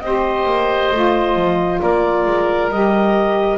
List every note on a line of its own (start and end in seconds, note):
0.00 0.45 C4
0.00 0.93 G4
0.00 1.82 C5
0.00 1.79 D#5
0.45 0.90 A#3
0.91 1.35 A3
0.91 2.71 F4
1.35 1.80 F3
1.81 2.25 A#3
1.81 3.57 A#4
1.81 2.70 D5
2.25 2.69 G#3
2.69 3.57 G3
2.69 3.57 G4
2.69 3.57 D#5